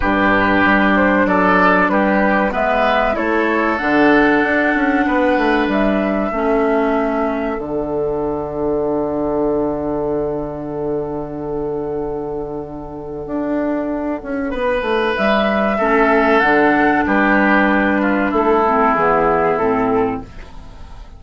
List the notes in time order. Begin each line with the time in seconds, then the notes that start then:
0.00 G2 D4 G4 B4
0.64 G3
0.96 C5
1.26 F#3 A4 D5
1.88 G3 G4 B4
2.50 G#3 B3 B4 E5
3.13 A3 E4 A4 C#5
3.78 D3 D4 F#5
4.43 D4
4.74 C#4
5.06 B3 B4
5.37 A3
5.67 G3 E5
6.31 A3 C#4 A4
7.57 D3 D4 F#5
13.26 D4
14.22 C#4
14.50 B3 B4
14.81 A3
15.16 G3 E5
15.78 A3 C#4 A4
16.39 D3 D4 F#5
17.06 G3 G4 B4
18.01 F4
18.30 A3 E4 A4
18.66 C4
18.94 E3 B3 G#4
19.57 A2 C4 A4